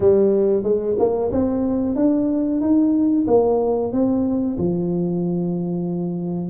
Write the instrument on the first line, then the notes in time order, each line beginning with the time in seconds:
tuba
0.00 G3
0.63 G#3
0.98 A#3
1.31 C4
1.95 D4
2.61 D#4
3.27 A#3
3.92 C4
4.58 F3